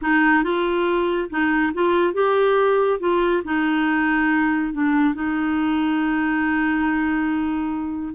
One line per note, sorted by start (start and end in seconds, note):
0.01 0.43 D#4
0.43 1.29 F4
1.30 1.72 D#4
1.73 2.13 F4
2.13 2.99 G4
2.99 3.42 F4
3.44 4.73 D#4
4.73 5.14 D4
5.14 8.14 D#4